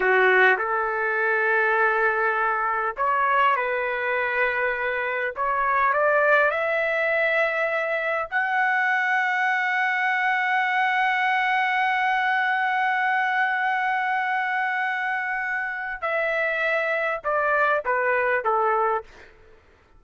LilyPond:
\new Staff \with { instrumentName = "trumpet" } { \time 4/4 \tempo 4 = 101 fis'4 a'2.~ | a'4 cis''4 b'2~ | b'4 cis''4 d''4 e''4~ | e''2 fis''2~ |
fis''1~ | fis''1~ | fis''2. e''4~ | e''4 d''4 b'4 a'4 | }